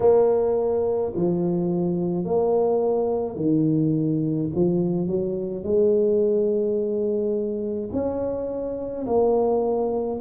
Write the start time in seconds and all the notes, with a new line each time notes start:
0.00 A#3
1.15 F3
2.24 A#3
3.36 D#3
4.54 F3
5.07 F#3
5.63 G#3
7.92 C#4
9.06 A#3